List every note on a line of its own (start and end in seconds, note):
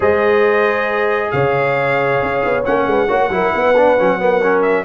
0.00 1.30 G#3
0.00 2.63 G#4
0.00 1.30 C5
0.00 1.31 D#5
1.31 2.21 C#3
1.31 2.87 C#5
1.31 2.63 F5
2.22 2.44 C#4
2.44 2.66 B3
2.64 2.86 A#3
2.64 3.08 C#4
2.64 4.62 F#5
2.86 3.08 G#3
2.86 3.07 B4
3.07 3.28 A#3
3.07 3.30 F#4
3.07 3.29 C#5
3.28 3.50 F#3
3.28 3.74 E4
3.28 3.54 A#4
3.54 3.98 B3
3.54 4.20 B4
3.76 3.98 D4
3.98 4.84 F#3
3.98 4.19 C#4
4.19 4.41 B3
4.19 4.84 A#4
4.42 4.84 C#4
4.62 4.84 E5